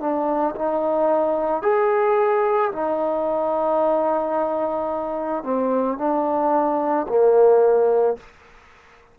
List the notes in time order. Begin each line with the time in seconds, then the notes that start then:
0.00 D4
0.56 D#4
1.62 G#4
2.72 D#4
5.43 C4
5.98 D4
7.08 A#3